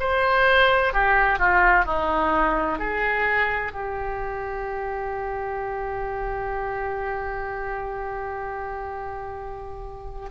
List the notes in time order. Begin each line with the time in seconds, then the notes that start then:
0.00 C5
0.94 G4
1.39 F4
1.86 D#4
2.79 G#4
3.73 G4